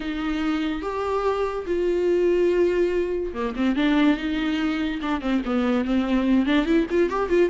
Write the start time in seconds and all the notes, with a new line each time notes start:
0.00 D#4
0.82 G4
1.66 F4
3.33 A#3
3.55 C4
3.76 D4
4.17 D#4
5.02 D4
5.21 C4
5.45 B3
5.84 C4
6.45 D4
6.65 E4
6.90 F4
7.09 G4
7.29 F4